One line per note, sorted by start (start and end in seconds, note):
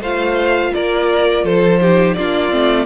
0.00 0.71 A3
0.00 1.81 F4
0.00 0.72 C5
0.00 0.74 F5
0.74 1.44 A#3
0.74 1.44 A#4
0.74 1.45 D5
1.44 2.15 F3
1.44 1.80 A4
1.44 2.14 C5
1.81 2.17 D#4
1.81 2.17 G4
2.14 2.52 A#3
2.14 2.50 D4
2.14 2.86 F4
2.14 2.85 D5
2.50 2.86 A3
2.50 2.85 C4